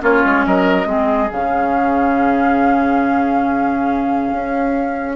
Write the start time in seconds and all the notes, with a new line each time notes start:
0.00 A#3 C#4 F4 C#5
0.25 G#3
0.46 F#3 A#4 D#5
0.86 G#3 C4 G#4
1.31 C#3 C#4 F5
4.33 C#4